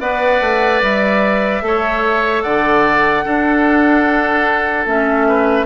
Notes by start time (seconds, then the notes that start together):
0.00 B3 B4 D5 F#5
0.41 A3
0.82 G3 E5
1.62 A3 A4 C#5
2.42 D3 D5 F#5
3.25 D4 A4
4.86 A3 C#4 E5
5.28 B4